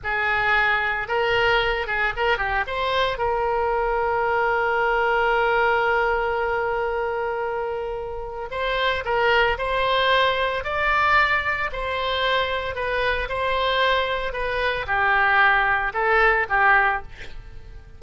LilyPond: \new Staff \with { instrumentName = "oboe" } { \time 4/4 \tempo 4 = 113 gis'2 ais'4. gis'8 | ais'8 g'8 c''4 ais'2~ | ais'1~ | ais'1 |
c''4 ais'4 c''2 | d''2 c''2 | b'4 c''2 b'4 | g'2 a'4 g'4 | }